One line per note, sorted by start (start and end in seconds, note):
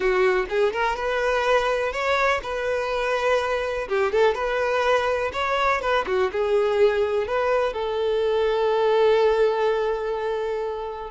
0.00 0.46 F#4
0.49 0.72 G#4
0.72 0.96 A#4
0.96 1.92 B4
1.92 2.40 C#5
2.43 3.88 B4
3.88 4.12 G4
4.12 4.34 A4
4.34 5.31 B4
5.32 5.81 C#5
5.81 6.05 B4
6.06 6.31 F#4
6.31 7.27 G#4
7.27 7.73 B4
7.73 11.10 A4